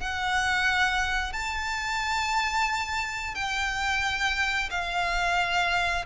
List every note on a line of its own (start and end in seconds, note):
0.00 1.33 F#5
1.33 3.35 A5
3.35 4.69 G5
4.70 6.05 F5